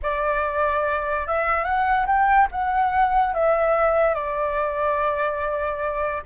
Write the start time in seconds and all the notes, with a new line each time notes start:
0.02 D5
1.27 E5
1.64 F#5
2.06 G5
2.51 F#5
3.34 E5
4.14 D5